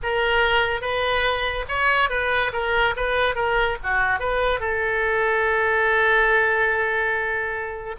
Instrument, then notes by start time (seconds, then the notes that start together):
oboe
0.02 A#4
0.81 B4
1.68 C#5
2.09 B4
2.53 A#4
2.96 B4
3.35 A#4
3.83 F#4
4.19 B4
4.59 A4